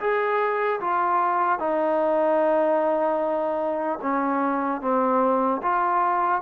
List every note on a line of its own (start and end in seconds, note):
0.00 0.80 G#4
0.80 1.59 F4
1.59 3.99 D#4
4.02 4.81 C#4
4.81 5.61 C4
5.62 6.41 F4